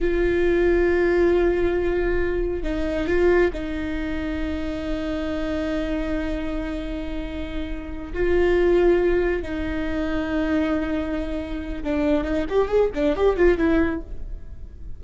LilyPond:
\new Staff \with { instrumentName = "viola" } { \time 4/4 \tempo 4 = 137 f'1~ | f'2 dis'4 f'4 | dis'1~ | dis'1~ |
dis'2~ dis'8 f'4.~ | f'4. dis'2~ dis'8~ | dis'2. d'4 | dis'8 g'8 gis'8 d'8 g'8 f'8 e'4 | }